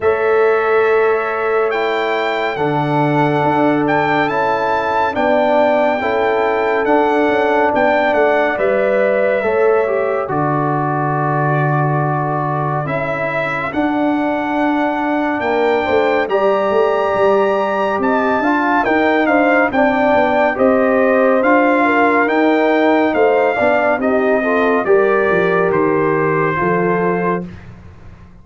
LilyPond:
<<
  \new Staff \with { instrumentName = "trumpet" } { \time 4/4 \tempo 4 = 70 e''2 g''4 fis''4~ | fis''8 g''8 a''4 g''2 | fis''4 g''8 fis''8 e''2 | d''2. e''4 |
fis''2 g''4 ais''4~ | ais''4 a''4 g''8 f''8 g''4 | dis''4 f''4 g''4 f''4 | dis''4 d''4 c''2 | }
  \new Staff \with { instrumentName = "horn" } { \time 4/4 cis''2. a'4~ | a'2 d''4 a'4~ | a'4 d''2 cis''4 | a'1~ |
a'2 ais'8 c''8 d''4~ | d''4 dis''8 f''8 ais'8 c''8 d''4 | c''4. ais'4. c''8 d''8 | g'8 a'8 ais'2 a'4 | }
  \new Staff \with { instrumentName = "trombone" } { \time 4/4 a'2 e'4 d'4~ | d'4 e'4 d'4 e'4 | d'2 b'4 a'8 g'8 | fis'2. e'4 |
d'2. g'4~ | g'4. f'8 dis'4 d'4 | g'4 f'4 dis'4. d'8 | dis'8 f'8 g'2 f'4 | }
  \new Staff \with { instrumentName = "tuba" } { \time 4/4 a2. d4 | d'4 cis'4 b4 cis'4 | d'8 cis'8 b8 a8 g4 a4 | d2. cis'4 |
d'2 ais8 a8 g8 a8 | g4 c'8 d'8 dis'8 d'8 c'8 b8 | c'4 d'4 dis'4 a8 b8 | c'4 g8 f8 dis4 f4 | }
>>